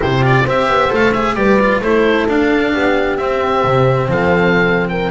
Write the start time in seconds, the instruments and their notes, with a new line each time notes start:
0.00 double bass C3, cello E4, horn G4, oboe C5
0.21 cello F4, oboe D5
0.44 double bass C4, cello G4, horn C5, oboe E5
0.68 double bass B3
0.89 double bass A3, cello A4, oboe F5
1.12 cello G#4, oboe E5
1.34 double bass G3, cello G4, horn B4, oboe D5
1.60 cello F4
1.80 double bass A3, cello E4, horn A4, oboe C5
2.28 double bass D4, cello D4, oboe F5
2.73 double bass B3, horn G4
3.17 cello C4, double bass C4, oboe E5
3.63 double bass C3
4.08 double bass F3, horn A4, oboe F5
4.88 horn A#4, oboe G5